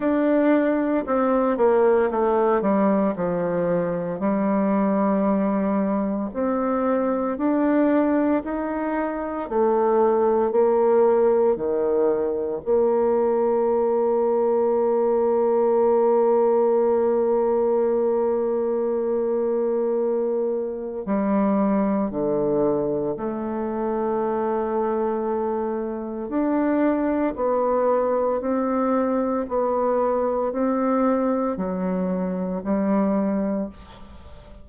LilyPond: \new Staff \with { instrumentName = "bassoon" } { \time 4/4 \tempo 4 = 57 d'4 c'8 ais8 a8 g8 f4 | g2 c'4 d'4 | dis'4 a4 ais4 dis4 | ais1~ |
ais1 | g4 d4 a2~ | a4 d'4 b4 c'4 | b4 c'4 fis4 g4 | }